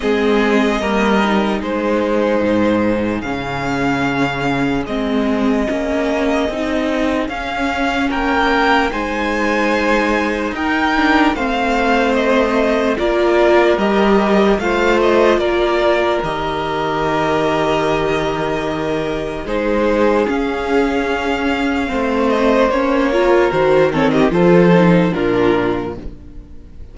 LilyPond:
<<
  \new Staff \with { instrumentName = "violin" } { \time 4/4 \tempo 4 = 74 dis''2 c''2 | f''2 dis''2~ | dis''4 f''4 g''4 gis''4~ | gis''4 g''4 f''4 dis''4 |
d''4 dis''4 f''8 dis''8 d''4 | dis''1 | c''4 f''2~ f''8 dis''8 | cis''4 c''8 cis''16 dis''16 c''4 ais'4 | }
  \new Staff \with { instrumentName = "violin" } { \time 4/4 gis'4 ais'4 gis'2~ | gis'1~ | gis'2 ais'4 c''4~ | c''4 ais'4 c''2 |
ais'2 c''4 ais'4~ | ais'1 | gis'2. c''4~ | c''8 ais'4 a'16 g'16 a'4 f'4 | }
  \new Staff \with { instrumentName = "viola" } { \time 4/4 c'4 ais8 dis'2~ dis'8 | cis'2 c'4 cis'4 | dis'4 cis'2 dis'4~ | dis'4. d'8 c'2 |
f'4 g'4 f'2 | g'1 | dis'4 cis'2 c'4 | cis'8 f'8 fis'8 c'8 f'8 dis'8 d'4 | }
  \new Staff \with { instrumentName = "cello" } { \time 4/4 gis4 g4 gis4 gis,4 | cis2 gis4 ais4 | c'4 cis'4 ais4 gis4~ | gis4 dis'4 a2 |
ais4 g4 a4 ais4 | dis1 | gis4 cis'2 a4 | ais4 dis4 f4 ais,4 | }
>>